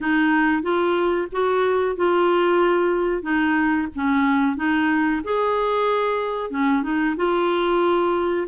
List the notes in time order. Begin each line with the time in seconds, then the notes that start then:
0.01 D#4
0.62 F4
1.32 F#4
1.96 F4
3.22 D#4
3.95 C#4
4.56 D#4
5.24 G#4
6.50 C#4
6.82 D#4
7.16 F4